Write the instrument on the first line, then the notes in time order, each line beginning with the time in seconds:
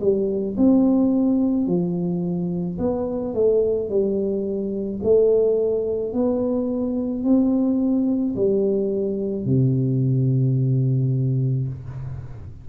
tuba
0.00 G3
0.57 C4
1.67 F3
2.78 B3
3.34 A3
3.89 G3
5.03 A3
6.12 B3
7.23 C4
8.35 G3
9.45 C3